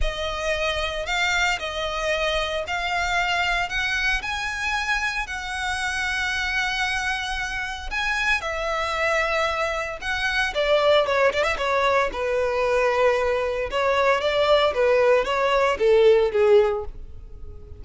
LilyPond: \new Staff \with { instrumentName = "violin" } { \time 4/4 \tempo 4 = 114 dis''2 f''4 dis''4~ | dis''4 f''2 fis''4 | gis''2 fis''2~ | fis''2. gis''4 |
e''2. fis''4 | d''4 cis''8 d''16 e''16 cis''4 b'4~ | b'2 cis''4 d''4 | b'4 cis''4 a'4 gis'4 | }